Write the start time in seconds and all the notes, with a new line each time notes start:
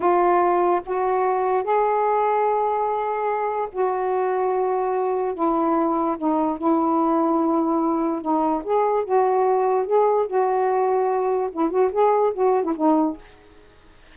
0.00 F4
0.85 F#4
1.63 G#4
3.72 F#4
5.34 E4
6.17 D#4
6.58 E4
8.21 D#4
8.64 G#4
9.04 F#4
9.86 G#4
10.26 F#4
11.51 E4
11.70 F#4
11.92 G#4
12.33 F#4
12.63 E4
12.75 D#4